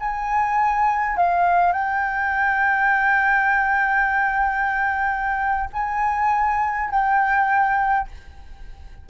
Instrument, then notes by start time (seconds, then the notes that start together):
flute
0.00 G#5
1.17 F5
1.73 G5
5.74 G#5
6.90 G5